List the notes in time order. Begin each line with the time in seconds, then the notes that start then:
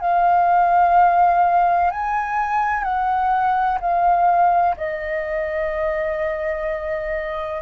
0.00 F5
1.90 G#5
2.83 F#5
3.80 F5
4.77 D#5